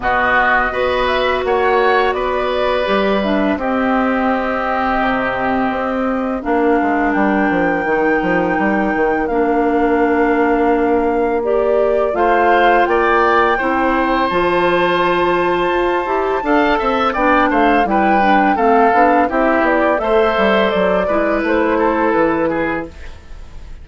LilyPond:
<<
  \new Staff \with { instrumentName = "flute" } { \time 4/4 \tempo 4 = 84 dis''4. e''8 fis''4 d''4~ | d''8 e''8 dis''2.~ | dis''4 f''4 g''2~ | g''4 f''2. |
d''4 f''4 g''2 | a''1 | g''8 f''8 g''4 f''4 e''8 d''8 | e''4 d''4 c''4 b'4 | }
  \new Staff \with { instrumentName = "oboe" } { \time 4/4 fis'4 b'4 cis''4 b'4~ | b'4 g'2.~ | g'4 ais'2.~ | ais'1~ |
ais'4 c''4 d''4 c''4~ | c''2. f''8 e''8 | d''8 c''8 b'4 a'4 g'4 | c''4. b'4 a'4 gis'8 | }
  \new Staff \with { instrumentName = "clarinet" } { \time 4/4 b4 fis'2. | g'8 d'8 c'2.~ | c'4 d'2 dis'4~ | dis'4 d'2. |
g'4 f'2 e'4 | f'2~ f'8 g'8 a'4 | d'4 e'8 d'8 c'8 d'8 e'4 | a'4. e'2~ e'8 | }
  \new Staff \with { instrumentName = "bassoon" } { \time 4/4 b,4 b4 ais4 b4 | g4 c'2 c4 | c'4 ais8 gis8 g8 f8 dis8 f8 | g8 dis8 ais2.~ |
ais4 a4 ais4 c'4 | f2 f'8 e'8 d'8 c'8 | b8 a8 g4 a8 b8 c'8 b8 | a8 g8 fis8 gis8 a4 e4 | }
>>